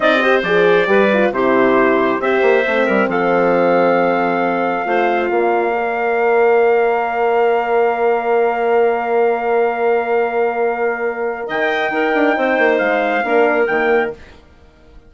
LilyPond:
<<
  \new Staff \with { instrumentName = "trumpet" } { \time 4/4 \tempo 4 = 136 dis''4 d''2 c''4~ | c''4 e''2 f''4~ | f''1~ | f''1~ |
f''1~ | f''1~ | f''2 g''2~ | g''4 f''2 g''4 | }
  \new Staff \with { instrumentName = "clarinet" } { \time 4/4 d''8 c''4. b'4 g'4~ | g'4 c''4. ais'8 a'4~ | a'2. c''4 | d''1~ |
d''1~ | d''1~ | d''2 dis''4 ais'4 | c''2 ais'2 | }
  \new Staff \with { instrumentName = "horn" } { \time 4/4 dis'8 g'8 gis'4 g'8 f'8 e'4~ | e'4 g'4 c'2~ | c'2. f'4~ | f'4 ais'2.~ |
ais'1~ | ais'1~ | ais'2. dis'4~ | dis'2 d'4 ais4 | }
  \new Staff \with { instrumentName = "bassoon" } { \time 4/4 c'4 f4 g4 c4~ | c4 c'8 ais8 a8 g8 f4~ | f2. a4 | ais1~ |
ais1~ | ais1~ | ais2 dis4 dis'8 d'8 | c'8 ais8 gis4 ais4 dis4 | }
>>